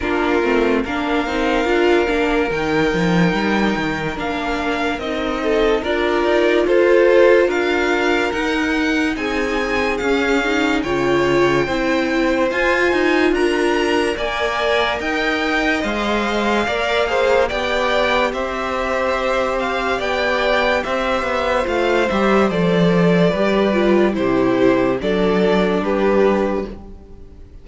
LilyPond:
<<
  \new Staff \with { instrumentName = "violin" } { \time 4/4 \tempo 4 = 72 ais'4 f''2 g''4~ | g''4 f''4 dis''4 d''4 | c''4 f''4 fis''4 gis''4 | f''4 g''2 gis''4 |
ais''4 gis''4 g''4 f''4~ | f''4 g''4 e''4. f''8 | g''4 e''4 f''8 e''8 d''4~ | d''4 c''4 d''4 b'4 | }
  \new Staff \with { instrumentName = "violin" } { \time 4/4 f'4 ais'2.~ | ais'2~ ais'8 a'8 ais'4 | a'4 ais'2 gis'4~ | gis'4 cis''4 c''2 |
ais'4 d''4 dis''2 | d''8 c''8 d''4 c''2 | d''4 c''2. | b'4 g'4 a'4 g'4 | }
  \new Staff \with { instrumentName = "viola" } { \time 4/4 d'8 c'8 d'8 dis'8 f'8 d'8 dis'4~ | dis'4 d'4 dis'4 f'4~ | f'2 dis'2 | cis'8 dis'8 f'4 e'4 f'4~ |
f'4 ais'2 c''4 | ais'8 gis'8 g'2.~ | g'2 f'8 g'8 a'4 | g'8 f'8 e'4 d'2 | }
  \new Staff \with { instrumentName = "cello" } { \time 4/4 ais8 a8 ais8 c'8 d'8 ais8 dis8 f8 | g8 dis8 ais4 c'4 d'8 dis'8 | f'4 d'4 dis'4 c'4 | cis'4 cis4 c'4 f'8 dis'8 |
d'4 ais4 dis'4 gis4 | ais4 b4 c'2 | b4 c'8 b8 a8 g8 f4 | g4 c4 fis4 g4 | }
>>